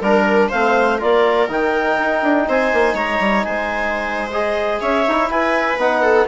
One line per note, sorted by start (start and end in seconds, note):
0.00 0.50 G3
0.00 0.52 D4
0.00 0.49 A#4
0.00 0.48 A#4
0.48 1.02 A3
0.48 0.99 C4
0.48 0.97 C5
0.48 0.99 F5
0.97 1.48 A#3
0.97 1.48 F4
0.97 2.45 A#4
0.97 1.49 D5
1.48 1.97 D#3
1.48 4.31 D#4
1.48 2.49 G5
1.98 2.22 D#4
2.22 2.47 D4
2.47 2.72 C4
2.47 2.94 C5
2.47 2.96 G#5
2.73 2.93 A#3
2.93 3.18 G#3
2.93 3.44 C#5
2.93 3.43 A#5
3.19 3.44 G3
3.43 4.81 G#3
3.43 4.80 C5
3.43 4.30 G#5
4.32 5.06 G#4
4.32 4.80 D#5
4.80 5.06 C#4
4.80 5.30 C#5
4.80 5.29 E5
5.07 5.29 D#4
5.07 5.79 E4
5.29 5.77 E4
5.29 6.02 B4
5.29 5.78 G#5
5.77 6.26 B3
5.77 6.27 D#4
5.77 6.27 F#5
6.02 6.26 A4